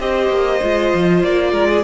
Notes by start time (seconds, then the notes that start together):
0.00 C4 G4 C5 D#5
0.30 A#3
0.62 G#3 F4
0.95 F3
1.24 A#3 D5
1.52 G#3 A#4
1.69 G#4